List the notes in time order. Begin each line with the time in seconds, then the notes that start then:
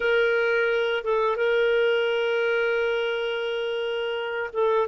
0.00 A#4
1.04 A4
1.36 A#4
4.53 A4